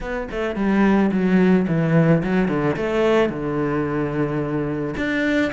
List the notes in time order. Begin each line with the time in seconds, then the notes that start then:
0.01 B3
0.31 A3
0.55 G3
1.11 F#3
1.67 E3
2.23 F#3
2.48 D3
2.76 A3
3.29 D3
4.96 D4